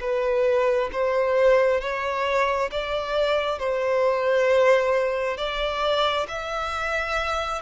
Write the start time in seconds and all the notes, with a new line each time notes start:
0.00 B4
0.92 C5
1.81 C#5
2.71 D5
3.59 C5
5.37 D5
6.28 E5